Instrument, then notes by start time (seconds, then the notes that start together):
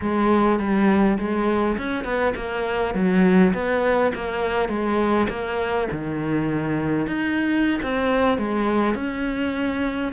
cello
0.01 G#3
0.59 G3
1.18 G#3
1.77 C#4
2.04 B3
2.35 A#3
2.94 F#3
3.53 B3
4.14 A#3
4.68 G#3
5.29 A#3
5.91 D#3
7.06 D#4
7.82 C4
8.37 G#3
8.94 C#4